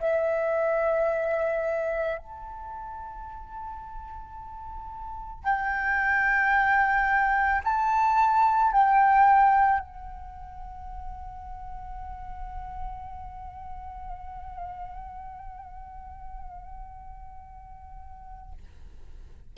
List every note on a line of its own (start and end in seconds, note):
0.00 2.18 E5
2.18 5.44 A5
5.44 7.62 G5
7.65 8.72 A5
8.72 9.80 G5
9.80 18.53 F#5